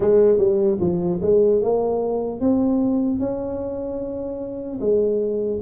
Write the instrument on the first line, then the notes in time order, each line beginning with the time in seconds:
tuba
0.00 G#3
0.37 G3
0.80 F3
1.22 G#3
1.61 A#3
2.40 C4
3.19 C#4
4.80 G#3